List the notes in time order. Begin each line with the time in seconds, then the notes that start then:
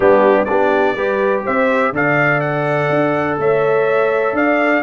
0.00 G3 B3 D4 G4
0.45 B3 D4 G4 D5
0.95 G3 G4 B4
1.44 C4 C5 E5
1.91 D3 A4 D5 F5
2.40 F#5
2.89 D4
3.38 A3 C#5 E5
4.32 D4 D5 F5